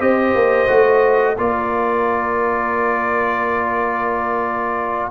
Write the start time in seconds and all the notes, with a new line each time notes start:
0.00 C4 G4 C5 D#5
0.35 A#3
0.68 A3 F#4
1.37 A#3 F4 A#4 D5